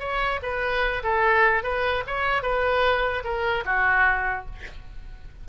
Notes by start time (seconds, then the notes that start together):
0.00 C#5
0.43 B4
1.03 A4
1.63 B4
2.07 C#5
2.43 B4
3.24 A#4
3.65 F#4